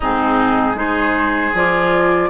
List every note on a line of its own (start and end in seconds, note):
0.00 0.74 G#2
0.00 0.75 C4
0.00 0.75 D#4
0.00 0.77 G#4
0.74 1.51 G#3
0.74 1.52 D#4
0.74 2.29 G#4
0.74 1.54 C5
1.54 2.29 F3
1.54 2.29 F4
1.54 2.29 D5